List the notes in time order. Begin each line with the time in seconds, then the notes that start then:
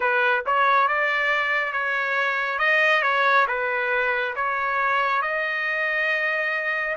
0.00 B4
0.45 C#5
0.88 D5
1.72 C#5
2.58 D#5
3.02 C#5
3.47 B4
4.35 C#5
5.22 D#5